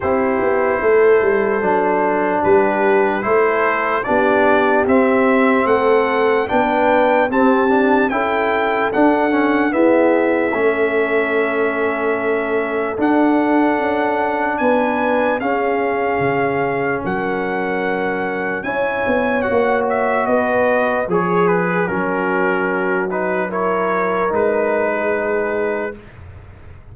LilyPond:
<<
  \new Staff \with { instrumentName = "trumpet" } { \time 4/4 \tempo 4 = 74 c''2. b'4 | c''4 d''4 e''4 fis''4 | g''4 a''4 g''4 fis''4 | e''1 |
fis''2 gis''4 f''4~ | f''4 fis''2 gis''4 | fis''8 e''8 dis''4 cis''8 b'8 ais'4~ | ais'8 b'8 cis''4 b'2 | }
  \new Staff \with { instrumentName = "horn" } { \time 4/4 g'4 a'2 g'4 | a'4 g'2 a'4 | b'4 g'4 a'2 | gis'4 a'2.~ |
a'2 b'4 gis'4~ | gis'4 ais'2 cis''4~ | cis''4 b'4 gis'4 fis'4~ | fis'4 ais'4.~ ais'16 gis'4~ gis'16 | }
  \new Staff \with { instrumentName = "trombone" } { \time 4/4 e'2 d'2 | e'4 d'4 c'2 | d'4 c'8 d'8 e'4 d'8 cis'8 | b4 cis'2. |
d'2. cis'4~ | cis'2. e'4 | fis'2 gis'4 cis'4~ | cis'8 dis'8 e'4 dis'2 | }
  \new Staff \with { instrumentName = "tuba" } { \time 4/4 c'8 b8 a8 g8 fis4 g4 | a4 b4 c'4 a4 | b4 c'4 cis'4 d'4 | e'4 a2. |
d'4 cis'4 b4 cis'4 | cis4 fis2 cis'8 b8 | ais4 b4 f4 fis4~ | fis2 gis2 | }
>>